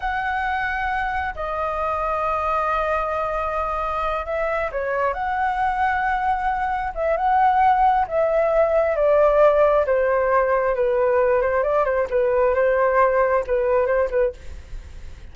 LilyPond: \new Staff \with { instrumentName = "flute" } { \time 4/4 \tempo 4 = 134 fis''2. dis''4~ | dis''1~ | dis''4. e''4 cis''4 fis''8~ | fis''2.~ fis''8 e''8 |
fis''2 e''2 | d''2 c''2 | b'4. c''8 d''8 c''8 b'4 | c''2 b'4 c''8 b'8 | }